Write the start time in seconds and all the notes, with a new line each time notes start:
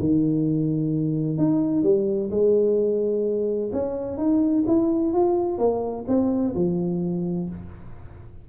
0.00 D#3
1.38 D#4
1.84 G3
2.31 G#3
3.73 C#4
4.18 D#4
4.68 E4
5.14 F4
5.59 A#3
6.08 C4
6.56 F3